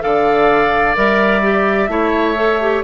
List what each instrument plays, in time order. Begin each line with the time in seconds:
0.00 bassoon D3, clarinet A4, oboe D5, flute F5
0.95 bassoon G3, clarinet A#4, flute E5
1.42 clarinet G4
1.88 bassoon A3, clarinet E4, oboe C#5
2.35 clarinet A4
2.61 clarinet G4